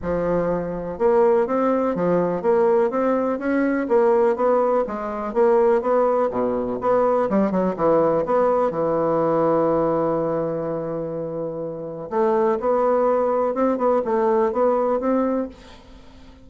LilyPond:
\new Staff \with { instrumentName = "bassoon" } { \time 4/4 \tempo 4 = 124 f2 ais4 c'4 | f4 ais4 c'4 cis'4 | ais4 b4 gis4 ais4 | b4 b,4 b4 g8 fis8 |
e4 b4 e2~ | e1~ | e4 a4 b2 | c'8 b8 a4 b4 c'4 | }